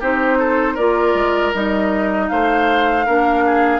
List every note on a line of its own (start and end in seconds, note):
0.00 0.77 C4
0.00 0.78 D#4
0.00 0.38 G4
0.00 0.76 C5
0.38 0.74 A4
0.74 1.14 A#3
0.74 1.53 F4
0.74 2.26 A#4
0.74 1.52 D5
1.14 1.52 G#3
1.53 2.30 G3
1.53 3.05 D#4
1.53 2.29 D#5
2.29 3.06 A3
2.29 3.06 C5
2.29 3.80 F5
3.06 3.80 A#3
3.06 3.80 D4
3.06 3.44 A#4
3.46 3.80 G#4